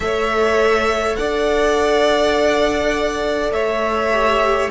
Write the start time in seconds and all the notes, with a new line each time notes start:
0.00 A3 A4 C#5 E5
1.15 D4 D5 F#5
3.50 A3 C#5 E5
4.12 G4